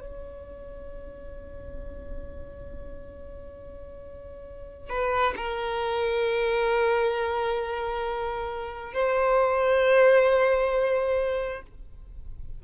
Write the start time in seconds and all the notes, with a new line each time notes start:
0.00 C#5
4.89 B4
5.36 A#4
8.93 C5